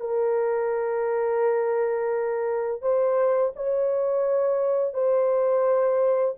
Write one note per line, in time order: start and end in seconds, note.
0.00 2.82 A#4
2.82 3.52 C5
3.56 4.94 C#5
4.94 6.35 C5